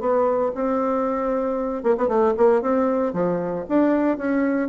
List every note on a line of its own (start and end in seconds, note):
0.00 0.52 B3
0.55 1.83 C4
1.83 1.96 A#3
1.98 2.08 B3
2.08 2.34 A3
2.37 2.62 A#3
2.62 3.14 C4
3.14 3.66 F3
3.69 4.18 D4
4.18 4.69 C#4